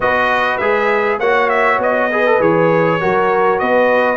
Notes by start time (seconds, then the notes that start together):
0.00 B3 F#4 B4 D#5
0.57 G#3 G#4 E5
1.19 A#3 F#4 C#5 F#5
1.49 E5
1.78 B3 D#5
2.10 G#4 B4
2.26 A4
2.40 E3 G#4 C#5
3.00 F#3 F#4 A#4
3.58 B3 B4 D#5